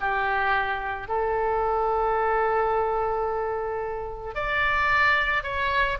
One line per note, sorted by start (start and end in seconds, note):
0.00 1.08 G4
1.08 4.34 A4
4.34 5.43 D5
5.43 5.97 C#5